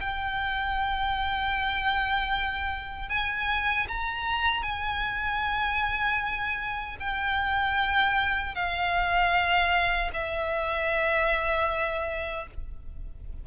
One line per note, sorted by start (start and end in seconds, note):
0.00 3.09 G5
3.09 3.87 G#5
3.88 4.63 A#5
4.63 6.96 G#5
7.00 8.55 G5
8.55 10.11 F5
10.13 12.47 E5